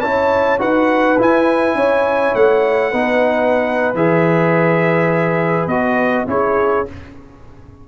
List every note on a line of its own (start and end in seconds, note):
0.00 0.59 C#4
0.00 0.58 E4
0.00 0.60 C#5
0.00 0.58 A5
0.58 1.18 D#4
0.58 1.17 F#4
0.58 1.76 B4
0.58 1.19 F#5
1.18 2.92 E4
1.18 1.74 E4
1.18 2.34 G#5
1.74 2.32 C#4
1.74 2.91 C#5
2.34 2.92 A3
2.34 3.95 F#5
2.91 3.94 B3
2.91 3.94 D#4
2.91 6.26 B4
3.94 5.67 E3
3.94 5.70 G#4
3.94 5.67 E5
5.67 6.25 B3
5.67 6.27 F#4
5.67 6.26 D#5
6.27 6.85 C#4
6.27 6.85 E4
6.27 6.88 G#4
6.27 6.87 C#5